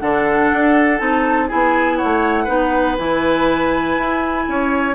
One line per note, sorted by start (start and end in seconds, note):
0.00 0.52 D3
0.00 0.99 D4
0.00 1.48 A4
0.00 0.99 F#5
0.53 1.01 D4
0.99 1.50 C4
0.99 1.49 D#4
0.99 1.48 A5
1.48 2.03 B3
1.48 2.47 E4
1.48 1.97 G#4
1.48 1.97 G#5
1.97 2.44 C#5
1.97 2.96 F#5
2.03 2.48 A3
2.44 2.98 B3
2.44 2.97 D#4
2.44 4.43 B4
2.98 3.98 E3
2.98 4.95 E4
2.98 4.95 G#5
3.98 4.47 E4
4.48 4.95 C#4
4.48 4.95 C#5